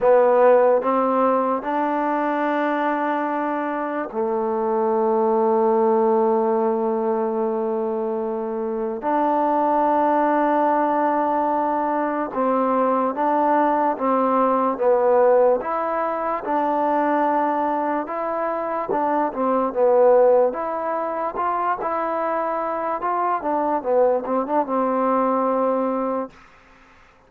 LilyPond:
\new Staff \with { instrumentName = "trombone" } { \time 4/4 \tempo 4 = 73 b4 c'4 d'2~ | d'4 a2.~ | a2. d'4~ | d'2. c'4 |
d'4 c'4 b4 e'4 | d'2 e'4 d'8 c'8 | b4 e'4 f'8 e'4. | f'8 d'8 b8 c'16 d'16 c'2 | }